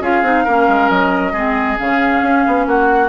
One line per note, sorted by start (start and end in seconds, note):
0.00 0.22 C#4
0.00 0.24 F4
0.00 0.44 G#4
0.00 0.89 F5
0.22 0.44 C4
0.22 0.46 D#4
0.44 0.68 A#3
0.44 1.34 C#4
0.44 1.32 A#4
0.68 0.89 G#3
0.89 1.32 F#3
0.89 1.77 D#5
1.32 1.76 G#3
1.32 1.77 C4
1.32 2.65 G#4
1.77 2.22 C#3
1.77 3.08 C#4
1.77 2.67 F5
2.22 2.44 C#4
2.47 2.66 B3
2.66 3.08 A#3
2.66 3.08 F#4
2.66 3.08 F#5